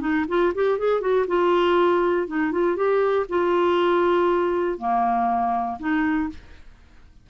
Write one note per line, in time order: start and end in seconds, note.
0.00 0.25 D#4
0.28 0.53 F4
0.55 0.78 G4
0.78 1.01 G#4
1.01 1.26 F#4
1.27 2.27 F4
2.27 2.52 D#4
2.52 2.76 F4
2.76 3.26 G4
3.29 4.78 F4
4.78 5.78 A#3
5.80 6.30 D#4